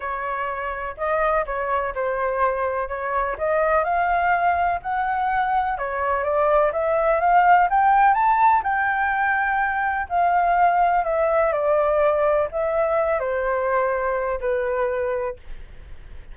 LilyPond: \new Staff \with { instrumentName = "flute" } { \time 4/4 \tempo 4 = 125 cis''2 dis''4 cis''4 | c''2 cis''4 dis''4 | f''2 fis''2 | cis''4 d''4 e''4 f''4 |
g''4 a''4 g''2~ | g''4 f''2 e''4 | d''2 e''4. c''8~ | c''2 b'2 | }